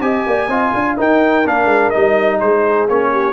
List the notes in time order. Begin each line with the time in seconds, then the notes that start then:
0.00 C4 G4 D#5 G#5
0.26 A#3 D5
0.48 C4 F4 D#5
0.74 D4 F5
0.97 D#4 A#4 G5
1.46 A#3 D4 F5
1.65 G#3
1.90 G3 D#4 D#5
2.40 G#3 G#4 C5
2.89 A#3 C#4 C#5
3.12 G4